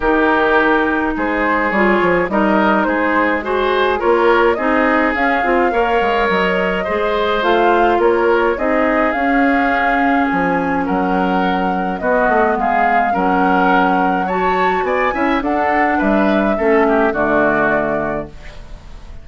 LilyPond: <<
  \new Staff \with { instrumentName = "flute" } { \time 4/4 \tempo 4 = 105 ais'2 c''4 cis''4 | dis''4 c''4 gis'4 cis''4 | dis''4 f''2 dis''4~ | dis''4 f''4 cis''4 dis''4 |
f''2 gis''4 fis''4~ | fis''4 dis''4 f''4 fis''4~ | fis''4 a''4 gis''4 fis''4 | e''2 d''2 | }
  \new Staff \with { instrumentName = "oboe" } { \time 4/4 g'2 gis'2 | ais'4 gis'4 c''4 ais'4 | gis'2 cis''2 | c''2 ais'4 gis'4~ |
gis'2. ais'4~ | ais'4 fis'4 gis'4 ais'4~ | ais'4 cis''4 d''8 e''8 a'4 | b'4 a'8 g'8 fis'2 | }
  \new Staff \with { instrumentName = "clarinet" } { \time 4/4 dis'2. f'4 | dis'2 fis'4 f'4 | dis'4 cis'8 f'8 ais'2 | gis'4 f'2 dis'4 |
cis'1~ | cis'4 b2 cis'4~ | cis'4 fis'4. e'8 d'4~ | d'4 cis'4 a2 | }
  \new Staff \with { instrumentName = "bassoon" } { \time 4/4 dis2 gis4 g8 f8 | g4 gis2 ais4 | c'4 cis'8 c'8 ais8 gis8 fis4 | gis4 a4 ais4 c'4 |
cis'2 f4 fis4~ | fis4 b8 a8 gis4 fis4~ | fis2 b8 cis'8 d'4 | g4 a4 d2 | }
>>